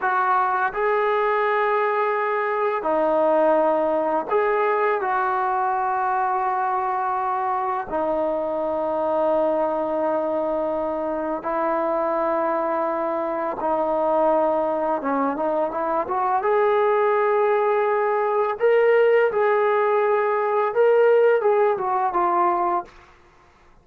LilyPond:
\new Staff \with { instrumentName = "trombone" } { \time 4/4 \tempo 4 = 84 fis'4 gis'2. | dis'2 gis'4 fis'4~ | fis'2. dis'4~ | dis'1 |
e'2. dis'4~ | dis'4 cis'8 dis'8 e'8 fis'8 gis'4~ | gis'2 ais'4 gis'4~ | gis'4 ais'4 gis'8 fis'8 f'4 | }